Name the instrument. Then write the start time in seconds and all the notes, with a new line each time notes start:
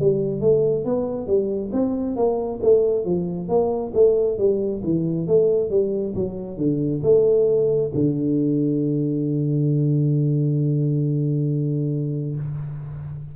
tuba
0.00 G3
0.41 A3
0.85 B3
1.27 G3
1.72 C4
2.16 A#3
2.63 A3
3.05 F3
3.49 A#3
3.94 A3
4.38 G3
4.84 E3
5.27 A3
5.70 G3
6.15 F#3
6.57 D3
7.03 A3
7.95 D3